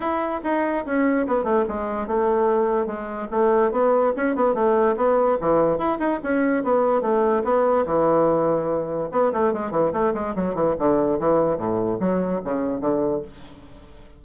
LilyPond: \new Staff \with { instrumentName = "bassoon" } { \time 4/4 \tempo 4 = 145 e'4 dis'4 cis'4 b8 a8 | gis4 a2 gis4 | a4 b4 cis'8 b8 a4 | b4 e4 e'8 dis'8 cis'4 |
b4 a4 b4 e4~ | e2 b8 a8 gis8 e8 | a8 gis8 fis8 e8 d4 e4 | a,4 fis4 cis4 d4 | }